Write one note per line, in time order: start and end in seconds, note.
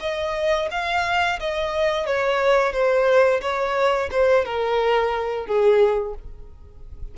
0.00 0.68 D#5
0.71 1.39 F5
1.39 2.06 D#5
2.06 2.72 C#5
2.72 3.40 C5
3.41 4.09 C#5
4.10 4.44 C5
4.45 5.46 A#4
5.46 6.15 G#4